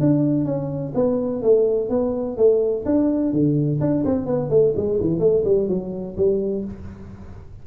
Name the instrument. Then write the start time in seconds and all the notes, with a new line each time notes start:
tuba
0.00 D4
0.45 C#4
0.95 B3
1.42 A3
1.89 B3
2.37 A3
2.85 D4
3.32 D3
3.81 D4
4.05 C4
4.26 B3
4.50 A3
4.76 G#3
5.00 E3
5.19 A3
5.45 G3
5.69 F#3
6.17 G3